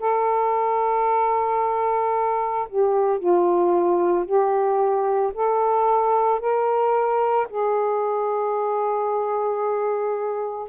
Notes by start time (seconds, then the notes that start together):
0.00 A4
2.69 G4
3.19 F4
4.25 G4
5.34 A4
6.40 A#4
7.50 G#4